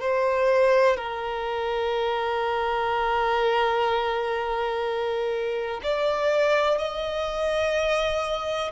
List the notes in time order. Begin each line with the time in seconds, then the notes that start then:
0.00 C5
0.96 A#4
5.83 D5
6.77 D#5